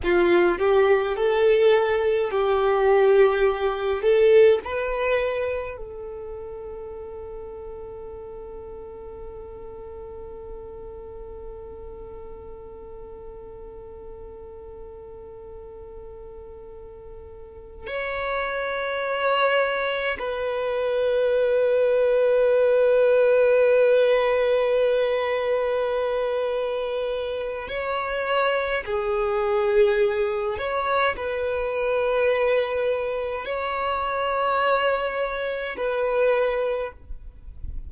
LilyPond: \new Staff \with { instrumentName = "violin" } { \time 4/4 \tempo 4 = 52 f'8 g'8 a'4 g'4. a'8 | b'4 a'2.~ | a'1~ | a'2.~ a'8 cis''8~ |
cis''4. b'2~ b'8~ | b'1 | cis''4 gis'4. cis''8 b'4~ | b'4 cis''2 b'4 | }